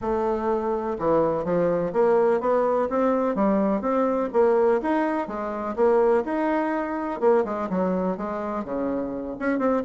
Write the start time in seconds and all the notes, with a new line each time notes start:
0.01 A3
0.98 E3
1.44 F3
1.92 A#3
2.40 B3
2.89 C4
3.35 G3
3.81 C4
4.32 A#3
4.82 D#4
5.27 G#3
5.76 A#3
6.24 D#4
7.20 A#3
7.44 G#3
7.69 F#3
8.17 G#3
8.64 C#3
9.39 C#4
9.59 C4